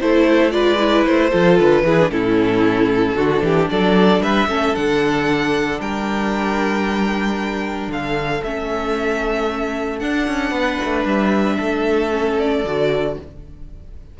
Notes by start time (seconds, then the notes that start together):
0.00 A3 E4 A4 C5
0.51 G#3 F4 B4 D5
0.79 E4
1.05 A3 C5
1.30 F3 F4 A4
1.59 D3 B4
1.83 E3 E4 G#4
1.99 D4
2.10 A2 C#4 E4 A4
3.15 D3 D4 F#4
3.42 E3 G4
3.70 F#3 A4 D5
4.20 G3 B4 E5
4.47 A3 C#4 A4
4.74 D3 D4 F#5
5.79 G3 A#4 G5
7.88 D3 A4 F5
8.44 A3 C#4 E5
9.99 D4 F#5
10.27 C#4
10.51 B3 B4
10.84 A3
11.05 G3 E5
11.56 A3 A4
12.10 C#4
12.39 D5
12.64 D3 F#4